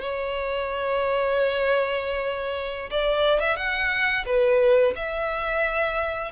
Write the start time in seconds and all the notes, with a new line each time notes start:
0.00 C#5
2.90 D5
3.40 E5
3.56 F#5
4.26 B4
4.96 E5